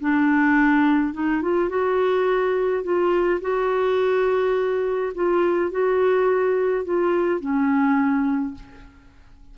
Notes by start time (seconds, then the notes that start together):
0.00 D4
1.13 D#4
1.42 F4
1.69 F#4
2.83 F4
3.41 F#4
5.14 F4
5.70 F#4
6.84 F4
7.40 C#4